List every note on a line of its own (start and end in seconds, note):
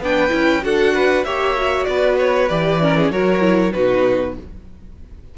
0.00 0.31 B3
0.00 0.30 D4
0.00 0.64 B4
0.00 0.65 G5
0.30 0.64 C#4
0.30 0.60 E4
0.63 1.25 D4
0.63 1.25 F#4
0.63 0.95 A4
0.63 1.25 F#5
0.95 1.26 B4
1.25 1.87 A#3
1.25 1.57 G4
1.25 1.88 C#5
1.25 1.85 E5
1.57 2.50 F#4
1.85 2.50 B3
1.85 2.83 B4
1.85 2.16 D5
2.19 2.50 C#5
2.50 3.11 E3
2.50 2.81 G4
2.50 3.11 D5
2.81 3.12 C#4
2.81 2.98 A#4
2.98 3.12 G#4
3.11 3.73 F#3
3.11 3.41 F#4
3.11 3.74 A#4
3.11 3.73 C#5
3.41 3.72 E4
3.73 4.37 B2
3.73 4.38 D#4
3.73 4.36 F#4
3.73 4.35 B4